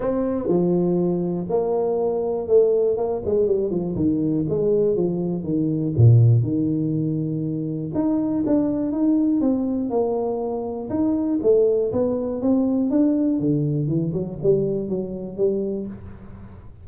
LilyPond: \new Staff \with { instrumentName = "tuba" } { \time 4/4 \tempo 4 = 121 c'4 f2 ais4~ | ais4 a4 ais8 gis8 g8 f8 | dis4 gis4 f4 dis4 | ais,4 dis2. |
dis'4 d'4 dis'4 c'4 | ais2 dis'4 a4 | b4 c'4 d'4 d4 | e8 fis8 g4 fis4 g4 | }